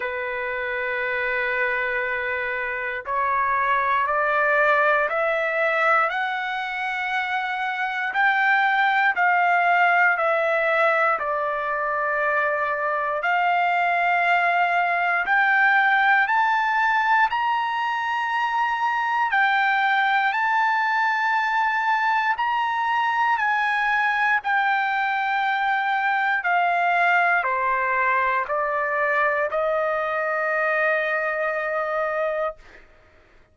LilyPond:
\new Staff \with { instrumentName = "trumpet" } { \time 4/4 \tempo 4 = 59 b'2. cis''4 | d''4 e''4 fis''2 | g''4 f''4 e''4 d''4~ | d''4 f''2 g''4 |
a''4 ais''2 g''4 | a''2 ais''4 gis''4 | g''2 f''4 c''4 | d''4 dis''2. | }